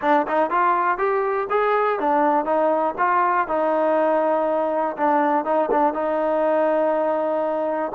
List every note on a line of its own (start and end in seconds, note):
0.01 0.26 D4
0.27 0.50 D#4
0.50 0.98 F4
0.98 1.47 G4
1.50 1.99 G#4
1.99 2.45 D4
2.45 2.94 D#4
2.98 3.47 F4
3.47 4.96 D#4
4.96 5.44 D4
5.44 5.69 D#4
5.71 5.93 D4
5.93 7.92 D#4